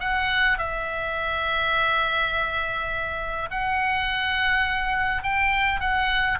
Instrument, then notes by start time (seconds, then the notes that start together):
oboe
0.00 F#5
0.58 E5
3.51 F#5
5.23 G5
5.80 F#5